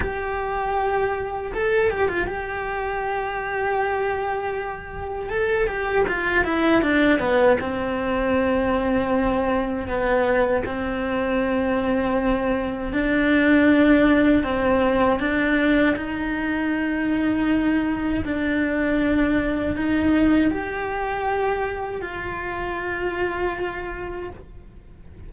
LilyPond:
\new Staff \with { instrumentName = "cello" } { \time 4/4 \tempo 4 = 79 g'2 a'8 g'16 f'16 g'4~ | g'2. a'8 g'8 | f'8 e'8 d'8 b8 c'2~ | c'4 b4 c'2~ |
c'4 d'2 c'4 | d'4 dis'2. | d'2 dis'4 g'4~ | g'4 f'2. | }